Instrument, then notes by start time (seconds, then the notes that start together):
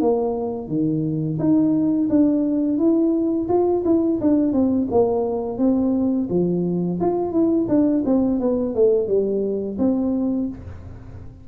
tuba
0.00 A#3
0.68 D#3
1.38 D#4
2.09 D4
2.77 E4
3.48 F4
3.84 E4
4.20 D4
4.52 C4
4.90 A#3
5.58 C4
6.29 F3
7.00 F4
7.31 E4
7.68 D4
8.05 C4
8.39 B3
8.74 A3
9.07 G3
9.78 C4